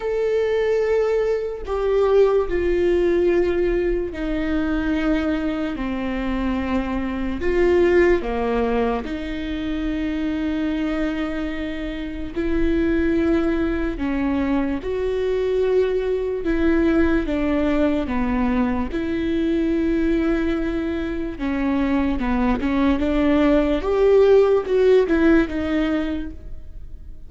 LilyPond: \new Staff \with { instrumentName = "viola" } { \time 4/4 \tempo 4 = 73 a'2 g'4 f'4~ | f'4 dis'2 c'4~ | c'4 f'4 ais4 dis'4~ | dis'2. e'4~ |
e'4 cis'4 fis'2 | e'4 d'4 b4 e'4~ | e'2 cis'4 b8 cis'8 | d'4 g'4 fis'8 e'8 dis'4 | }